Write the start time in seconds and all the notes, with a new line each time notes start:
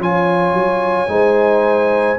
0.00 F3 F4 C#5 G#5
0.53 F#3
1.08 G#3 D#4 C5